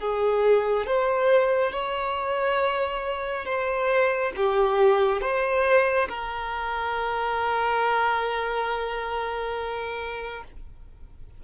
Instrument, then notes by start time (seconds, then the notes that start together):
violin
0.00 G#4
0.87 C5
1.72 C#5
3.45 C5
4.36 G4
5.21 C5
6.09 A#4